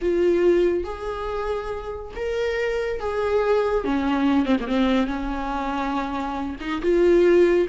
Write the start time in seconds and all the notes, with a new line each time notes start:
0.01 F4
0.84 G#4
2.15 A#4
3.00 G#4
3.84 C#4
4.45 C4
4.60 A#3
4.67 C4
5.07 C#4
6.60 D#4
6.82 F4